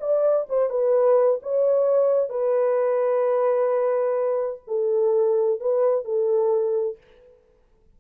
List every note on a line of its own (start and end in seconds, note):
0.00 0.47 D5
0.49 0.70 C5
0.70 1.40 B4
1.42 2.29 C#5
2.29 4.62 B4
4.67 5.60 A4
5.60 6.04 B4
6.04 6.97 A4